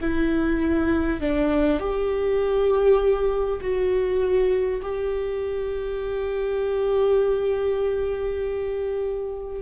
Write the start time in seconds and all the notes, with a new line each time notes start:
0.00 E4
1.21 D4
1.79 G4
3.61 F#4
4.82 G4